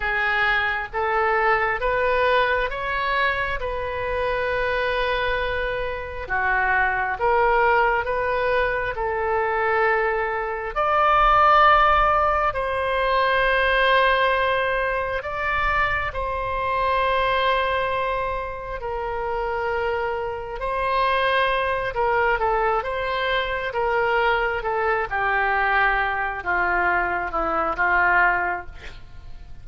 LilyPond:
\new Staff \with { instrumentName = "oboe" } { \time 4/4 \tempo 4 = 67 gis'4 a'4 b'4 cis''4 | b'2. fis'4 | ais'4 b'4 a'2 | d''2 c''2~ |
c''4 d''4 c''2~ | c''4 ais'2 c''4~ | c''8 ais'8 a'8 c''4 ais'4 a'8 | g'4. f'4 e'8 f'4 | }